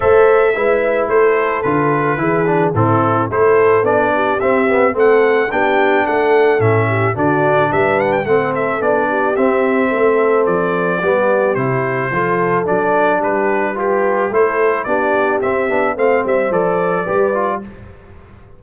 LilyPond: <<
  \new Staff \with { instrumentName = "trumpet" } { \time 4/4 \tempo 4 = 109 e''2 c''4 b'4~ | b'4 a'4 c''4 d''4 | e''4 fis''4 g''4 fis''4 | e''4 d''4 e''8 fis''16 g''16 fis''8 e''8 |
d''4 e''2 d''4~ | d''4 c''2 d''4 | b'4 g'4 c''4 d''4 | e''4 f''8 e''8 d''2 | }
  \new Staff \with { instrumentName = "horn" } { \time 4/4 c''4 b'4 a'2 | gis'4 e'4 a'4. g'8~ | g'4 a'4 g'4 a'4~ | a'8 g'8 fis'4 b'4 a'4~ |
a'8 g'4. a'2 | g'2 a'2 | g'4 b'4 a'4 g'4~ | g'4 c''2 b'4 | }
  \new Staff \with { instrumentName = "trombone" } { \time 4/4 a'4 e'2 f'4 | e'8 d'8 c'4 e'4 d'4 | c'8 b8 c'4 d'2 | cis'4 d'2 c'4 |
d'4 c'2. | b4 e'4 f'4 d'4~ | d'4 f'4 e'4 d'4 | c'8 d'8 c'4 a'4 g'8 f'8 | }
  \new Staff \with { instrumentName = "tuba" } { \time 4/4 a4 gis4 a4 d4 | e4 a,4 a4 b4 | c'4 a4 b4 a4 | a,4 d4 g4 a4 |
b4 c'4 a4 f4 | g4 c4 f4 fis4 | g2 a4 b4 | c'8 b8 a8 g8 f4 g4 | }
>>